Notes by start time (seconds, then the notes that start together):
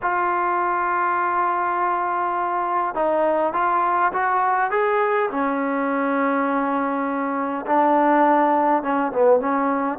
0.02 F4
2.94 D#4
3.53 F4
4.13 F#4
4.71 G#4
5.30 C#4
7.66 D4
8.82 C#4
9.12 B3
9.40 C#4